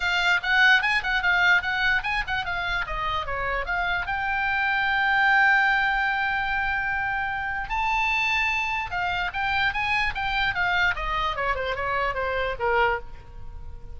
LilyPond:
\new Staff \with { instrumentName = "oboe" } { \time 4/4 \tempo 4 = 148 f''4 fis''4 gis''8 fis''8 f''4 | fis''4 gis''8 fis''8 f''4 dis''4 | cis''4 f''4 g''2~ | g''1~ |
g''2. a''4~ | a''2 f''4 g''4 | gis''4 g''4 f''4 dis''4 | cis''8 c''8 cis''4 c''4 ais'4 | }